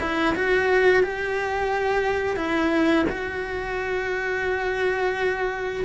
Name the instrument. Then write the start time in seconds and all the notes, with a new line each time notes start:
cello
0.00 E4
0.35 F#4
1.03 G4
2.36 E4
3.09 F#4